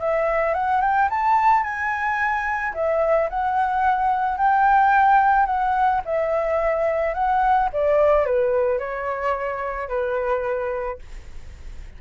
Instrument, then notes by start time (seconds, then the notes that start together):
flute
0.00 E5
0.54 F#5
0.81 G5
1.10 A5
1.63 G#5
2.74 E5
3.29 F#5
4.37 G5
5.46 F#5
6.05 E5
7.14 F#5
7.73 D5
8.25 B4
8.79 C#5
9.88 B4